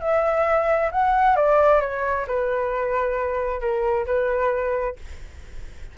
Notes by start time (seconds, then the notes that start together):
0.00 E5
0.91 F#5
1.36 D5
1.81 C#5
2.27 B4
3.60 A#4
4.06 B4